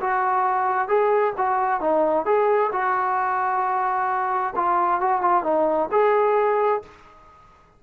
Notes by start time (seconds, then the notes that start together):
0.00 F#4
0.88 G#4
1.37 F#4
1.80 D#4
2.25 G#4
2.72 F#4
4.56 F4
5.00 F#4
5.21 F4
5.43 D#4
5.91 G#4